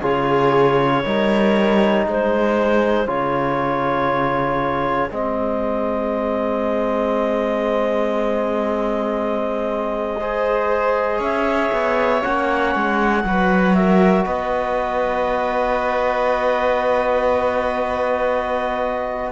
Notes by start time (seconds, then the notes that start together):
0.00 C#3 F4 G#4 C#5
1.04 G3 D#4 A#4
2.06 G#3 G#4 C5
3.07 C#3 F4 C#5
5.11 G#3 C4 D#5
10.20 G#4 C5
11.19 C#4 C#5 E5
11.72 B3
12.22 A#3 C#4 F#5
12.76 G#3
13.24 F#3 F#4 B4
13.74 A#4 E5
14.25 B3 B4 D#5